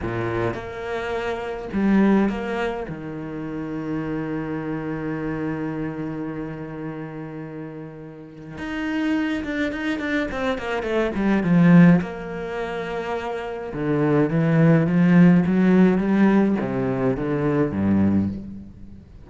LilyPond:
\new Staff \with { instrumentName = "cello" } { \time 4/4 \tempo 4 = 105 ais,4 ais2 g4 | ais4 dis2.~ | dis1~ | dis2. dis'4~ |
dis'8 d'8 dis'8 d'8 c'8 ais8 a8 g8 | f4 ais2. | d4 e4 f4 fis4 | g4 c4 d4 g,4 | }